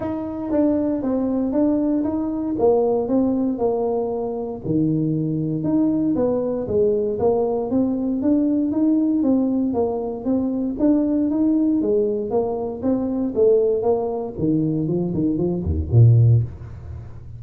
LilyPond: \new Staff \with { instrumentName = "tuba" } { \time 4/4 \tempo 4 = 117 dis'4 d'4 c'4 d'4 | dis'4 ais4 c'4 ais4~ | ais4 dis2 dis'4 | b4 gis4 ais4 c'4 |
d'4 dis'4 c'4 ais4 | c'4 d'4 dis'4 gis4 | ais4 c'4 a4 ais4 | dis4 f8 dis8 f8 dis,8 ais,4 | }